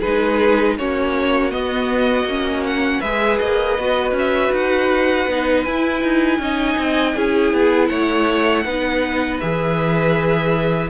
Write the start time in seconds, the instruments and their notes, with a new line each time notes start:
0.00 cello G#3, viola D#4, violin G#4 B4
0.78 cello A#3, viola C#4, violin F#4 C#5
1.51 viola B3, cello B3, violin D#5
2.24 cello A#3, viola C#4
2.66 violin F#5
3.00 cello G#3, viola G#4, violin B4 E5
3.39 cello A#3, violin D#5
3.79 cello B3, viola F#4
4.12 cello C#4
4.19 violin E5
4.52 cello D#4, violin F#5
5.28 cello B3, viola D#4
5.65 cello E4, viola E4, violin G#5
6.03 cello D#4
6.39 cello C#4, viola D#4, violin D#5
6.78 cello C4
7.16 cello C#4, viola E4, violin G#4
7.53 cello B3
7.88 cello A3, violin C#5 F#5
8.65 cello B3, viola D#4, violin B4
9.40 cello E3, viola G#4, violin E5